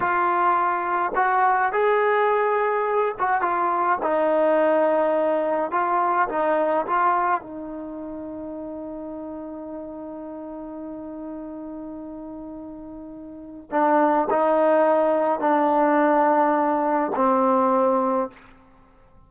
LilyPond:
\new Staff \with { instrumentName = "trombone" } { \time 4/4 \tempo 4 = 105 f'2 fis'4 gis'4~ | gis'4. fis'8 f'4 dis'4~ | dis'2 f'4 dis'4 | f'4 dis'2.~ |
dis'1~ | dis'1 | d'4 dis'2 d'4~ | d'2 c'2 | }